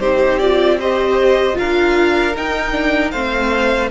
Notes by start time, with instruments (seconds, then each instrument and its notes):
0.00 cello C4, viola D#4, violin G4 C5
0.39 viola F4, violin D5
0.80 viola G4, violin C5 D#5
1.54 cello D4, viola F4, violin A#4 F5
2.36 viola D#4, cello D#4, violin G5
2.72 viola D4
3.11 cello A3, viola C4, violin C5 F5